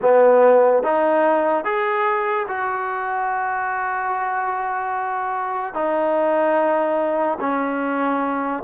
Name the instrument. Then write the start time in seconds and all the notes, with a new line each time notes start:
trombone
0.01 B3
0.83 D#4
1.64 G#4
2.48 F#4
5.73 D#4
7.40 C#4